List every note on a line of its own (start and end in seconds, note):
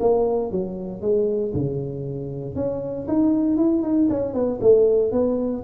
0.00 0.51 A#3
0.51 1.02 F#3
1.02 1.53 G#3
1.54 2.56 C#3
2.56 3.07 C#4
3.08 3.57 D#4
3.57 3.83 E4
3.83 4.08 D#4
4.10 4.34 C#4
4.34 4.60 B3
4.61 5.12 A3
5.12 5.63 B3